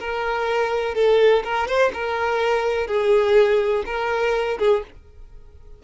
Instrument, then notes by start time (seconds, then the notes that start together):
violin
0.00 A#4
0.95 A4
1.44 A#4
1.68 C5
1.94 A#4
2.87 G#4
3.86 A#4
4.59 G#4